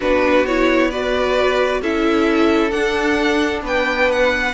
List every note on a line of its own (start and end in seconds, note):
0.00 1.81 B3
0.00 0.46 D4
0.00 0.88 F#4
0.00 0.46 B4
0.46 0.92 E4
0.46 0.90 C#5
0.90 1.83 F#4
0.90 1.80 B4
0.90 1.81 D5
1.81 2.72 C#4
1.81 2.70 E4
1.81 3.63 A4
1.81 2.70 E5
2.70 4.52 D4
2.70 3.62 D4
2.70 3.61 F#5
3.62 4.53 B3
3.62 4.54 B4
3.62 4.11 G5
4.11 4.54 F#5